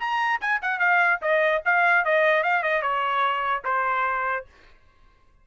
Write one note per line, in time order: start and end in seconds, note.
0.00 0.41 A#5
0.41 0.61 G#5
0.62 0.80 F#5
0.80 1.20 F5
1.22 1.63 D#5
1.65 2.05 F5
2.05 2.44 D#5
2.44 2.63 F5
2.63 2.82 D#5
2.82 3.64 C#5
3.65 4.46 C5